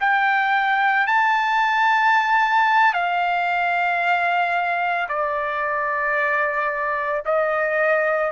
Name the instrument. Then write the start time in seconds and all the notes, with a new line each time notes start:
trumpet
0.00 G5
1.07 A5
2.94 F5
5.08 D5
7.26 D#5